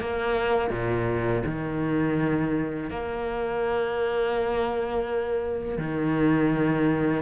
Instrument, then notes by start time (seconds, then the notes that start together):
cello
0.00 A#3
0.70 A#2
1.45 D#3
2.90 A#3
5.78 D#3